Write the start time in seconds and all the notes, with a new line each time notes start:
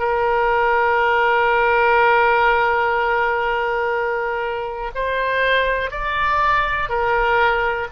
0.00 A#4
4.95 C5
5.92 D5
6.90 A#4